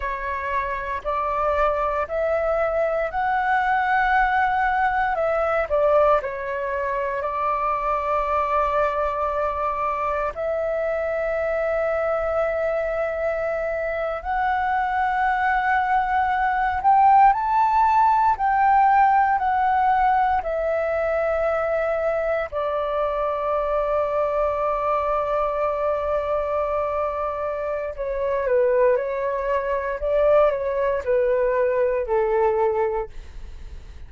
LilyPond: \new Staff \with { instrumentName = "flute" } { \time 4/4 \tempo 4 = 58 cis''4 d''4 e''4 fis''4~ | fis''4 e''8 d''8 cis''4 d''4~ | d''2 e''2~ | e''4.~ e''16 fis''2~ fis''16~ |
fis''16 g''8 a''4 g''4 fis''4 e''16~ | e''4.~ e''16 d''2~ d''16~ | d''2. cis''8 b'8 | cis''4 d''8 cis''8 b'4 a'4 | }